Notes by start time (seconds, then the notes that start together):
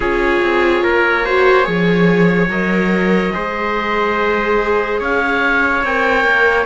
0.00 C#4 F4 G#4 C#5
0.41 C4
0.83 A#3 A#4
1.25 F#4 C5
1.63 F3 G#4 C#5
2.48 F#3 A#4 D#5
3.32 G#3 G#4 C5
4.99 C#4 C#5 F5
5.83 C4 A#4 G5
6.24 A#3